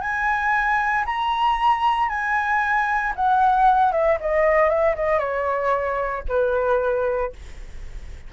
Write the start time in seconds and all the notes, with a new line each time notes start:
0.00 G#5
1.06 A#5
2.08 G#5
3.15 F#5
3.92 E5
4.20 D#5
4.69 E5
4.95 D#5
5.18 C#5
6.28 B4